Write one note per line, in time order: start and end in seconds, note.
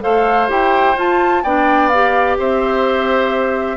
0.00 0.49 A3
0.00 0.47 A4
0.00 1.43 C5
0.00 0.49 F5
0.47 0.96 E4
0.47 0.94 G4
0.47 0.98 G5
0.96 1.43 F4
0.96 1.43 A5
1.43 2.38 B3
1.43 1.92 D4
1.43 2.37 D5
1.43 1.88 G5
1.88 3.77 G4
1.88 2.35 F5
2.38 3.77 C4
2.38 3.77 C5
2.38 3.77 E5